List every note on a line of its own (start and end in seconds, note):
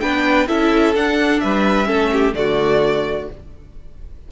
0.00 0.48 B3
0.00 0.47 D4
0.00 0.48 B4
0.00 0.47 G5
0.47 0.95 C#4
0.47 0.94 E4
0.47 1.42 A4
0.47 0.94 E5
0.95 1.85 D4
0.95 1.42 D4
0.95 1.40 F#5
1.40 1.89 G3
1.40 1.87 B4
1.40 2.33 E5
1.85 2.34 A3
1.85 2.32 C#4
1.85 2.10 A4
2.12 2.35 G4
2.34 3.27 D3
2.34 3.28 A3
2.34 3.31 F#4
2.34 3.28 D5